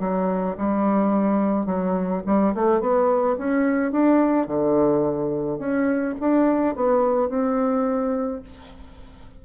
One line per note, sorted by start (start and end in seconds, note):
0.00 0.56 F#3
0.58 1.66 G3
1.66 2.22 F#3
2.27 2.55 G3
2.55 2.81 A3
2.81 3.37 B3
3.38 3.92 C#4
3.92 4.47 D4
4.47 5.59 D3
5.59 6.15 C#4
6.20 6.76 D4
6.76 7.29 B3
7.29 8.42 C4